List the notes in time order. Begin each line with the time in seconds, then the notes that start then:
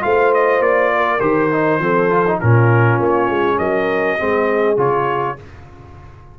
0.00 A3 F4 C5 F5
0.34 D#5
0.60 A#3 D5
0.94 A#4
1.20 D#3 G4 C5
1.51 D#4
1.79 F3 C4 A4
2.10 F4
2.27 D#4
2.37 A#2 C#4 F4 A#4
2.99 A#3 C#5
3.29 G#3
3.58 F#3 A#4 D#5
4.18 G#3 C4 G#4
4.77 C#3 F4 C#5